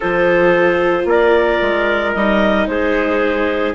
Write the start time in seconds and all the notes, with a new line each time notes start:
0.00 F3 F4 A4 C5
1.04 A#3 A#4 D5
1.61 G#3
2.14 G3 D#4 D#5
2.67 G#3 G#4 C5